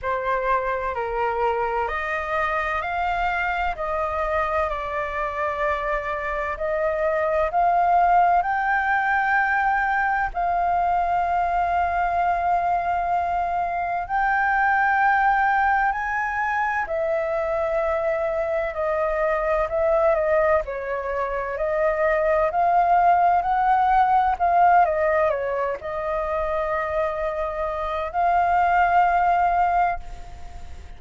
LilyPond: \new Staff \with { instrumentName = "flute" } { \time 4/4 \tempo 4 = 64 c''4 ais'4 dis''4 f''4 | dis''4 d''2 dis''4 | f''4 g''2 f''4~ | f''2. g''4~ |
g''4 gis''4 e''2 | dis''4 e''8 dis''8 cis''4 dis''4 | f''4 fis''4 f''8 dis''8 cis''8 dis''8~ | dis''2 f''2 | }